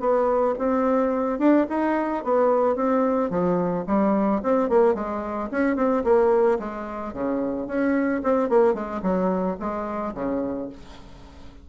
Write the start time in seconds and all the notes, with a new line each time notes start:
0.00 B3
0.58 C4
1.39 D4
1.69 D#4
2.24 B3
2.75 C4
3.30 F3
3.87 G3
4.43 C4
4.69 A#3
4.95 G#3
5.51 C#4
5.76 C4
6.04 A#3
6.59 G#3
7.13 C#3
7.67 C#4
8.23 C4
8.49 A#3
8.74 G#3
9.02 F#3
9.60 G#3
10.15 C#3